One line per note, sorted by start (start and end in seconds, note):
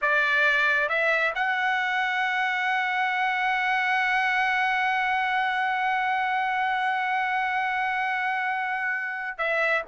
0.01 0.88 D5
0.88 1.33 E5
1.35 9.37 F#5
9.37 9.82 E5